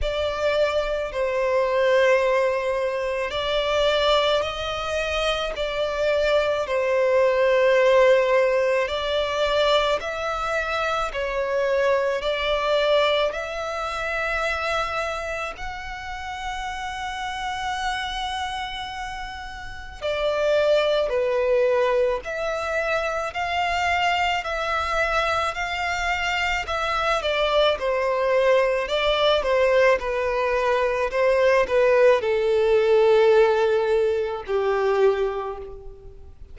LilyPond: \new Staff \with { instrumentName = "violin" } { \time 4/4 \tempo 4 = 54 d''4 c''2 d''4 | dis''4 d''4 c''2 | d''4 e''4 cis''4 d''4 | e''2 fis''2~ |
fis''2 d''4 b'4 | e''4 f''4 e''4 f''4 | e''8 d''8 c''4 d''8 c''8 b'4 | c''8 b'8 a'2 g'4 | }